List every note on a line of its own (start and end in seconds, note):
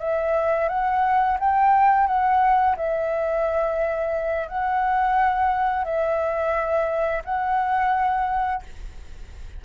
0.00 0.69 E5
0.69 1.38 F#5
1.40 2.07 G5
2.07 2.76 F#5
2.77 4.49 E5
4.49 5.85 F#5
5.85 7.23 E5
7.25 8.63 F#5